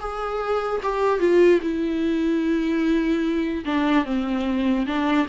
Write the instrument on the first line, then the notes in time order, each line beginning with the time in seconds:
viola
0.00 G#4
0.83 G4
1.20 F4
1.62 E4
3.65 D4
4.05 C4
4.86 D4